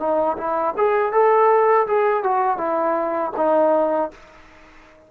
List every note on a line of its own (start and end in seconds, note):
0.00 0.37 D#4
0.38 0.75 E4
0.77 1.13 G#4
1.13 1.87 A4
1.88 2.24 G#4
2.24 2.58 F#4
2.58 3.32 E4
3.37 4.11 D#4